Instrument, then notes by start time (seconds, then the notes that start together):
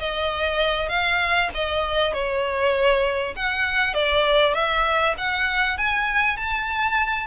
violin
0.00 D#5
0.89 F5
1.55 D#5
2.13 C#5
3.36 F#5
3.94 D5
4.55 E5
5.18 F#5
5.78 G#5
6.37 A5